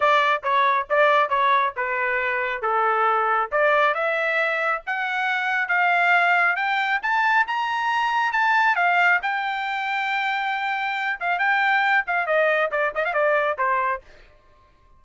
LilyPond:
\new Staff \with { instrumentName = "trumpet" } { \time 4/4 \tempo 4 = 137 d''4 cis''4 d''4 cis''4 | b'2 a'2 | d''4 e''2 fis''4~ | fis''4 f''2 g''4 |
a''4 ais''2 a''4 | f''4 g''2.~ | g''4. f''8 g''4. f''8 | dis''4 d''8 dis''16 f''16 d''4 c''4 | }